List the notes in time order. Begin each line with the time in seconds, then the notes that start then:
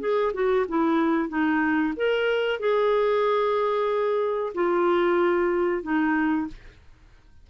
0.00 G#4
0.34 F#4
0.68 E4
1.29 D#4
1.96 A#4
2.60 G#4
4.55 F4
5.83 D#4